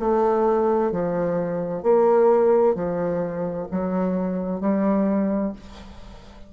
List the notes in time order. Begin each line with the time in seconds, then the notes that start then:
0.00 A3
0.92 F3
1.83 A#3
2.75 F3
3.71 F#3
4.61 G3